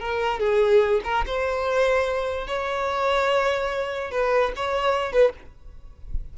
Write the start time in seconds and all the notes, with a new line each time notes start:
0.00 A#4
0.40 G#4
1.04 A#4
1.26 C5
2.47 C#5
4.11 B4
4.56 C#5
5.13 B4